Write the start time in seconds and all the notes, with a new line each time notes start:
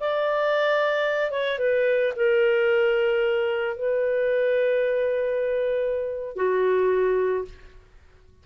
0.00 D5
1.31 C#5
1.59 B4
2.16 A#4
3.77 B4
6.36 F#4